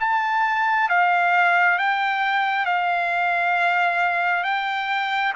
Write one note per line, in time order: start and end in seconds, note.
0.00 0.89 A5
0.89 1.79 F5
1.79 2.66 G5
2.66 4.44 F5
4.44 5.34 G5